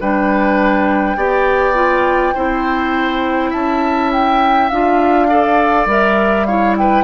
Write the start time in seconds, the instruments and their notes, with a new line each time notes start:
0.00 bassoon G3, clarinet D4, oboe B4, flute G5
1.16 bassoon B3, clarinet G4, oboe D5
1.74 clarinet F4
2.34 bassoon C4, clarinet E4, oboe C5
3.50 bassoon C#4, oboe E5, flute A5
4.12 flute G5
4.69 bassoon D4, clarinet F4, flute F5
5.29 clarinet A4, oboe D5
5.86 bassoon G3, clarinet A#4, flute E5
6.45 clarinet E4, oboe C#5, flute F5
6.77 oboe B4, flute G5